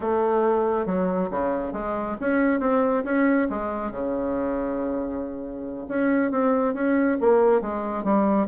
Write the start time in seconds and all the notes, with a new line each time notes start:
0.00 A3
0.86 F#3
1.30 C#3
1.73 G#3
2.20 C#4
2.60 C4
3.04 C#4
3.49 G#3
3.91 C#3
5.88 C#4
6.31 C4
6.74 C#4
7.20 A#3
7.61 G#3
8.03 G3